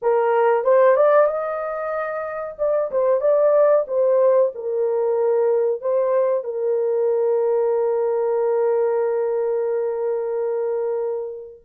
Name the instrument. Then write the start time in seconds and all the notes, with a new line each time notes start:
horn
0.02 A#4
0.64 C5
0.96 D5
1.26 D#5
2.58 D5
2.91 C5
3.21 D5
3.87 C5
4.55 A#4
5.81 C5
6.43 A#4